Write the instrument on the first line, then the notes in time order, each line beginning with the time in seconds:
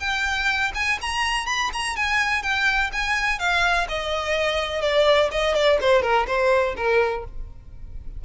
violin
0.00 G5
0.75 G#5
1.01 A#5
1.46 B5
1.73 A#5
1.96 G#5
2.43 G5
2.93 G#5
3.39 F5
3.89 D#5
4.82 D5
5.31 D#5
5.55 D5
5.81 C5
6.02 A#4
6.27 C5
6.77 A#4